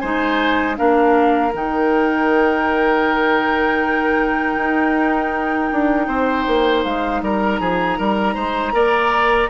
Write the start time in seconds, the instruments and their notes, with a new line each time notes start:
0.00 bassoon G#3, clarinet D#4, oboe C5, flute G#5
0.76 bassoon A#3, clarinet D4, oboe A#4, flute F5
1.54 bassoon D#3, clarinet D#4, flute G5
4.57 bassoon D#4
5.72 bassoon D4
6.08 bassoon C4, oboe C5
6.47 bassoon A#3
6.85 bassoon G#3, flute F5
7.22 bassoon G3, oboe A#4, flute A#5
7.60 bassoon F3, oboe G#4
7.99 bassoon G3, oboe A#4
8.35 bassoon G#3, oboe C5
8.73 bassoon A#3, clarinet A#4, oboe D5